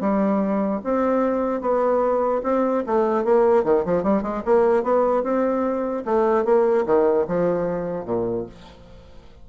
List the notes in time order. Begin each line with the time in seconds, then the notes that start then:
0.00 G3
0.84 C4
1.61 B3
2.43 C4
2.86 A3
3.24 A#3
3.64 D#3
3.85 F3
4.03 G3
4.22 G#3
4.45 A#3
4.83 B3
5.23 C4
6.05 A3
6.44 A#3
6.86 D#3
7.27 F3
8.05 A#2